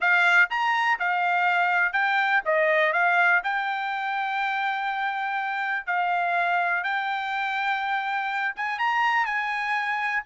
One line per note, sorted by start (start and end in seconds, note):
0.00 0.49 F5
0.50 0.98 A#5
0.99 1.92 F5
1.92 2.41 G5
2.45 2.92 D#5
2.92 3.41 F5
3.43 5.86 G5
5.86 6.83 F5
6.83 8.54 G5
8.56 8.78 G#5
8.78 9.25 A#5
9.25 10.23 G#5